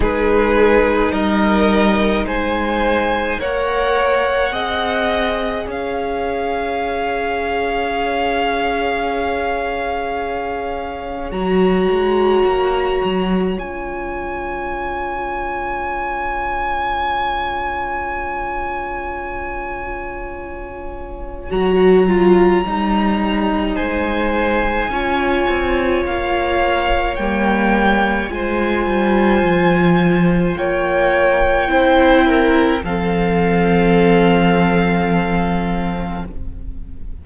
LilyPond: <<
  \new Staff \with { instrumentName = "violin" } { \time 4/4 \tempo 4 = 53 b'4 dis''4 gis''4 fis''4~ | fis''4 f''2.~ | f''2 ais''2 | gis''1~ |
gis''2. ais''4~ | ais''4 gis''2 f''4 | g''4 gis''2 g''4~ | g''4 f''2. | }
  \new Staff \with { instrumentName = "violin" } { \time 4/4 gis'4 ais'4 c''4 cis''4 | dis''4 cis''2.~ | cis''1~ | cis''1~ |
cis''1~ | cis''4 c''4 cis''2~ | cis''4 c''2 cis''4 | c''8 ais'8 a'2. | }
  \new Staff \with { instrumentName = "viola" } { \time 4/4 dis'2. ais'4 | gis'1~ | gis'2 fis'2 | f'1~ |
f'2. fis'8 f'8 | dis'2 f'2 | ais4 f'2. | e'4 c'2. | }
  \new Staff \with { instrumentName = "cello" } { \time 4/4 gis4 g4 gis4 ais4 | c'4 cis'2.~ | cis'2 fis8 gis8 ais8 fis8 | cis'1~ |
cis'2. fis4 | g4 gis4 cis'8 c'8 ais4 | g4 gis8 g8 f4 ais4 | c'4 f2. | }
>>